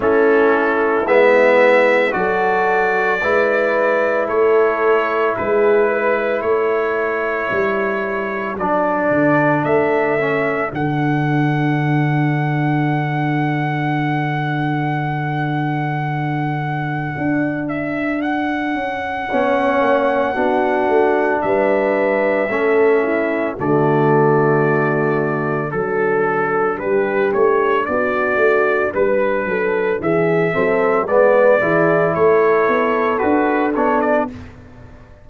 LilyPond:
<<
  \new Staff \with { instrumentName = "trumpet" } { \time 4/4 \tempo 4 = 56 a'4 e''4 d''2 | cis''4 b'4 cis''2 | d''4 e''4 fis''2~ | fis''1~ |
fis''8 e''8 fis''2. | e''2 d''2 | a'4 b'8 cis''8 d''4 b'4 | e''4 d''4 cis''4 b'8 cis''16 d''16 | }
  \new Staff \with { instrumentName = "horn" } { \time 4/4 e'2 a'4 b'4 | a'4 gis'8 b'8 a'2~ | a'1~ | a'1~ |
a'2 cis''4 fis'4 | b'4 a'8 e'8 fis'2 | a'4 g'4 fis'4 b'8 a'8 | gis'8 a'8 b'8 gis'8 a'2 | }
  \new Staff \with { instrumentName = "trombone" } { \time 4/4 cis'4 b4 fis'4 e'4~ | e'1 | d'4. cis'8 d'2~ | d'1~ |
d'2 cis'4 d'4~ | d'4 cis'4 a2 | d'1~ | d'8 c'8 b8 e'4. fis'8 d'8 | }
  \new Staff \with { instrumentName = "tuba" } { \time 4/4 a4 gis4 fis4 gis4 | a4 gis4 a4 g4 | fis8 d8 a4 d2~ | d1 |
d'4. cis'8 b8 ais8 b8 a8 | g4 a4 d2 | fis4 g8 a8 b8 a8 g8 fis8 | e8 fis8 gis8 e8 a8 b8 d'8 b8 | }
>>